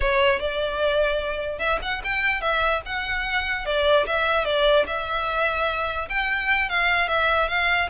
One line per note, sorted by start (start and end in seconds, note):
0.00 0.39 C#5
0.39 1.58 D5
1.58 1.79 E5
1.82 2.02 F#5
2.03 2.41 G5
2.41 2.81 E5
2.85 3.65 F#5
3.65 4.06 D5
4.06 4.45 E5
4.45 4.85 D5
4.86 6.08 E5
6.09 6.69 G5
6.69 7.08 F5
7.08 7.48 E5
7.48 7.89 F5